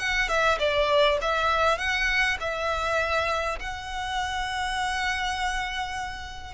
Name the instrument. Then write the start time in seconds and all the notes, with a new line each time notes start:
violin
0.00 F#5
0.29 E5
0.59 D5
1.22 E5
1.78 F#5
2.41 E5
3.60 F#5